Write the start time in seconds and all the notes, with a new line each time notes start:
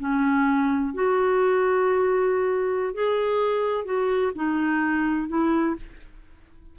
0.00 C#4
0.94 F#4
2.94 G#4
3.85 F#4
4.36 D#4
5.29 E4